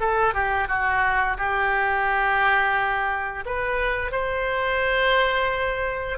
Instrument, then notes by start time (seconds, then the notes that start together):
oboe
0.00 A4
0.34 G4
0.68 F#4
1.38 G4
3.46 B4
4.12 C5